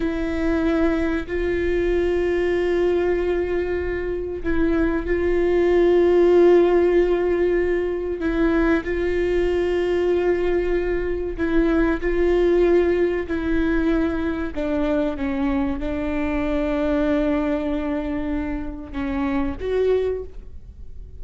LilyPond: \new Staff \with { instrumentName = "viola" } { \time 4/4 \tempo 4 = 95 e'2 f'2~ | f'2. e'4 | f'1~ | f'4 e'4 f'2~ |
f'2 e'4 f'4~ | f'4 e'2 d'4 | cis'4 d'2.~ | d'2 cis'4 fis'4 | }